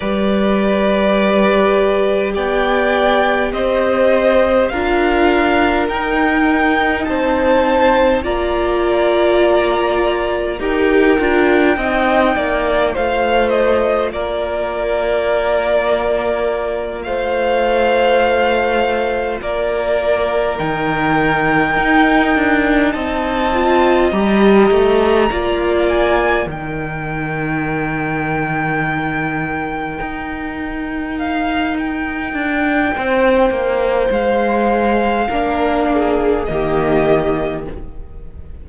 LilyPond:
<<
  \new Staff \with { instrumentName = "violin" } { \time 4/4 \tempo 4 = 51 d''2 g''4 dis''4 | f''4 g''4 a''4 ais''4~ | ais''4 g''2 f''8 dis''8 | d''2~ d''8 f''4.~ |
f''8 d''4 g''2 a''8~ | a''8 ais''4. gis''8 g''4.~ | g''2~ g''8 f''8 g''4~ | g''4 f''2 dis''4 | }
  \new Staff \with { instrumentName = "violin" } { \time 4/4 b'2 d''4 c''4 | ais'2 c''4 d''4~ | d''4 ais'4 dis''8 d''8 c''4 | ais'2~ ais'8 c''4.~ |
c''8 ais'2. dis''8~ | dis''4. d''4 ais'4.~ | ais'1 | c''2 ais'8 gis'8 g'4 | }
  \new Staff \with { instrumentName = "viola" } { \time 4/4 g'1 | f'4 dis'2 f'4~ | f'4 g'8 f'8 dis'4 f'4~ | f'1~ |
f'4. dis'2~ dis'8 | f'8 g'4 f'4 dis'4.~ | dis'1~ | dis'2 d'4 ais4 | }
  \new Staff \with { instrumentName = "cello" } { \time 4/4 g2 b4 c'4 | d'4 dis'4 c'4 ais4~ | ais4 dis'8 d'8 c'8 ais8 a4 | ais2~ ais8 a4.~ |
a8 ais4 dis4 dis'8 d'8 c'8~ | c'8 g8 a8 ais4 dis4.~ | dis4. dis'2 d'8 | c'8 ais8 gis4 ais4 dis4 | }
>>